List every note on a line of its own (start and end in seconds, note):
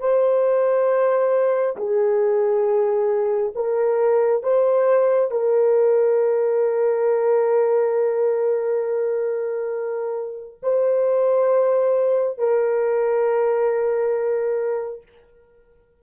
0.00 1.76 C5
1.77 3.53 G#4
3.55 4.43 A#4
4.43 5.31 C5
5.31 10.60 A#4
10.63 12.39 C5
12.39 15.03 A#4